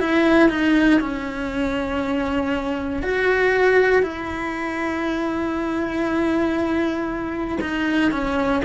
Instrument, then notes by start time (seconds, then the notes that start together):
cello
0.00 E4
0.49 D#4
1.00 C#4
3.03 F#4
4.03 E4
7.61 D#4
8.12 C#4